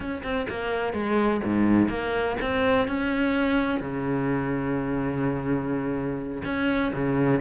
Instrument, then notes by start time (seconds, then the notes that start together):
cello
0.00 C#4
0.23 C4
0.49 A#3
0.93 G#3
1.44 G#2
1.88 A#3
2.41 C4
2.87 C#4
3.80 C#3
6.44 C#4
6.93 C#3